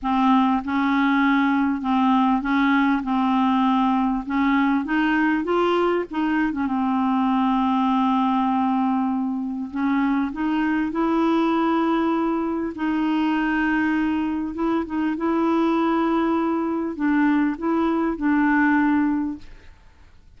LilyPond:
\new Staff \with { instrumentName = "clarinet" } { \time 4/4 \tempo 4 = 99 c'4 cis'2 c'4 | cis'4 c'2 cis'4 | dis'4 f'4 dis'8. cis'16 c'4~ | c'1 |
cis'4 dis'4 e'2~ | e'4 dis'2. | e'8 dis'8 e'2. | d'4 e'4 d'2 | }